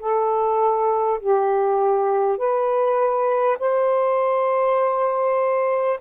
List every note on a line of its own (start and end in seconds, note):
0.00 1.20 A4
1.21 2.38 G4
2.38 3.58 B4
3.60 6.00 C5